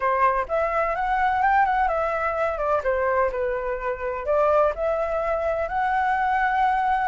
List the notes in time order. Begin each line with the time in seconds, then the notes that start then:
0.00 C5
0.48 E5
0.95 F#5
1.42 G5
1.65 F#5
1.87 E5
2.58 D5
2.83 C5
3.31 B4
4.25 D5
4.75 E5
5.68 F#5